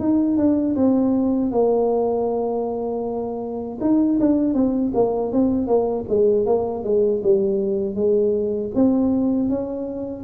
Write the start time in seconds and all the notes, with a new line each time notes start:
0.00 D#4
0.37 D4
0.76 C4
1.51 A#3
3.81 D#4
4.20 D4
4.54 C4
4.95 A#3
5.32 C4
5.67 A#3
6.09 G#3
6.46 A#3
6.84 G#3
7.23 G3
7.95 G#3
8.75 C4
9.49 C#4